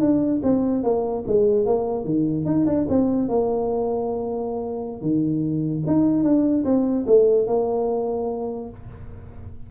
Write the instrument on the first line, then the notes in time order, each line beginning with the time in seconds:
tuba
0.00 D4
0.43 C4
0.83 A#3
1.27 G#3
1.66 A#3
2.04 D#3
2.45 D#4
2.66 D4
2.89 C4
3.28 A#3
5.01 D#3
5.86 D#4
6.23 D4
6.64 C4
7.06 A3
7.47 A#3